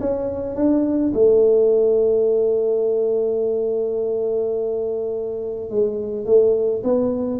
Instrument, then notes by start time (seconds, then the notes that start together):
tuba
0.00 C#4
0.55 D4
1.14 A3
5.70 G#3
6.25 A3
6.83 B3